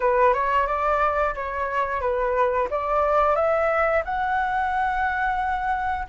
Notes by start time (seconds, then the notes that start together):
0.00 B4
0.33 C#5
0.66 D5
1.34 C#5
2.00 B4
2.70 D5
3.35 E5
4.04 F#5